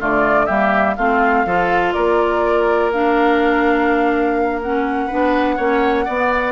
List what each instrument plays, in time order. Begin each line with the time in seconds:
0.00 bassoon D3, clarinet A3, oboe F4, flute D5
0.46 bassoon G3, clarinet A#3, oboe G4, flute E5
0.96 bassoon A3, clarinet C4, oboe F4, flute F5
1.45 bassoon F3, clarinet F4, oboe A4
1.93 bassoon A#3, oboe A#4, flute D5
2.92 clarinet D4, flute F5
4.62 clarinet C#4, flute F#5
5.07 bassoon B3, clarinet D4, oboe B4
5.57 bassoon A#3, clarinet C#4, oboe C#5
6.05 clarinet B3, bassoon B3, oboe D5